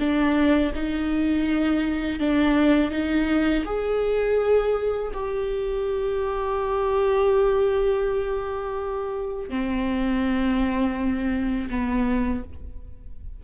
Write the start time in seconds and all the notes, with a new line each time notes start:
0.00 D4
0.75 D#4
2.20 D4
2.91 D#4
3.66 G#4
5.14 G4
9.50 C4
11.70 B3